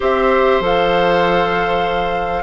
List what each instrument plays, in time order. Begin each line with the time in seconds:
0.00 bassoon C4, clarinet G4, oboe C5, flute E5
0.59 bassoon F3, clarinet A4, flute F5